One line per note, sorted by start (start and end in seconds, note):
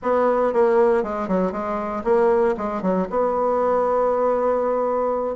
0.02 0.53 B3
0.53 1.03 A#3
1.03 1.28 G#3
1.28 1.52 F#3
1.52 2.03 G#3
2.03 2.55 A#3
2.57 2.82 G#3
2.82 3.07 F#3
3.10 5.35 B3